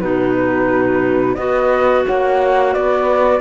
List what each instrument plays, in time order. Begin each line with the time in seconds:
0.00 cello B2, clarinet D#4, horn F#4, flute B4
1.34 cello B3, clarinet F#4, horn B4, flute D#5
2.06 cello A#3, horn C#5, flute F#5
2.73 cello B3, horn B4, flute D5